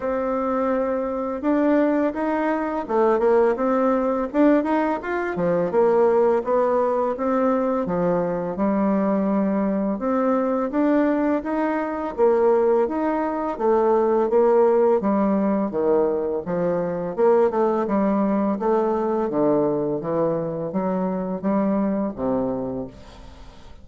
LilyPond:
\new Staff \with { instrumentName = "bassoon" } { \time 4/4 \tempo 4 = 84 c'2 d'4 dis'4 | a8 ais8 c'4 d'8 dis'8 f'8 f8 | ais4 b4 c'4 f4 | g2 c'4 d'4 |
dis'4 ais4 dis'4 a4 | ais4 g4 dis4 f4 | ais8 a8 g4 a4 d4 | e4 fis4 g4 c4 | }